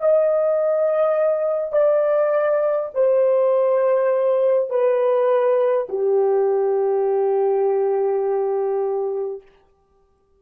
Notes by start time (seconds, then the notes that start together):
0.00 D#5
1.72 D5
2.94 C5
4.70 B4
5.89 G4